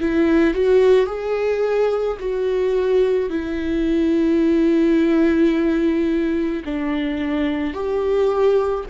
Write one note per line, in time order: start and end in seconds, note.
0.00 0.55 E4
0.55 1.07 F#4
1.07 2.18 G#4
2.20 3.30 F#4
3.30 6.63 E4
6.65 7.74 D4
7.74 8.85 G4